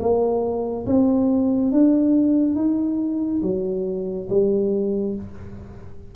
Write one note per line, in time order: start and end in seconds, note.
0.00 0.86 A#3
0.86 1.72 C4
1.72 2.56 D4
2.56 3.41 D#4
3.42 4.28 F#3
4.29 5.15 G3